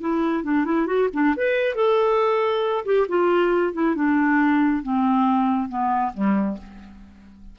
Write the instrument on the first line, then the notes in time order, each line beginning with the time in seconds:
clarinet
0.00 E4
0.43 D4
0.64 E4
0.86 F#4
1.13 D4
1.36 B4
1.75 A4
2.85 G4
3.08 F4
3.73 E4
3.95 D4
4.83 C4
5.68 B3
6.14 G3